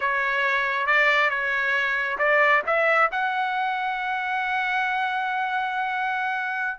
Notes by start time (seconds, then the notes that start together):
0.00 C#5
0.86 D5
1.30 C#5
2.18 D5
2.66 E5
3.11 F#5